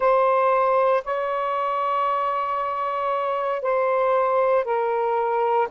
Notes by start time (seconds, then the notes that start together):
0.00 C5
1.04 C#5
3.62 C5
4.64 A#4